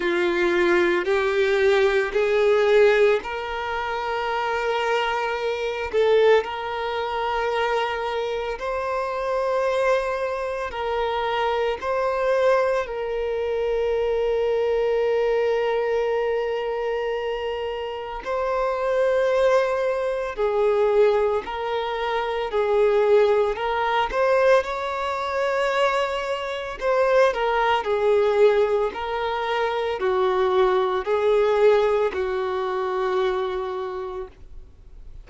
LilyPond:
\new Staff \with { instrumentName = "violin" } { \time 4/4 \tempo 4 = 56 f'4 g'4 gis'4 ais'4~ | ais'4. a'8 ais'2 | c''2 ais'4 c''4 | ais'1~ |
ais'4 c''2 gis'4 | ais'4 gis'4 ais'8 c''8 cis''4~ | cis''4 c''8 ais'8 gis'4 ais'4 | fis'4 gis'4 fis'2 | }